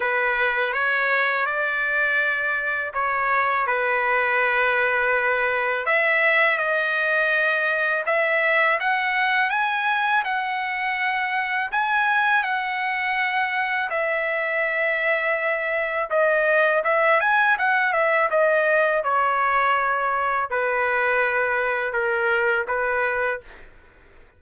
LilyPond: \new Staff \with { instrumentName = "trumpet" } { \time 4/4 \tempo 4 = 82 b'4 cis''4 d''2 | cis''4 b'2. | e''4 dis''2 e''4 | fis''4 gis''4 fis''2 |
gis''4 fis''2 e''4~ | e''2 dis''4 e''8 gis''8 | fis''8 e''8 dis''4 cis''2 | b'2 ais'4 b'4 | }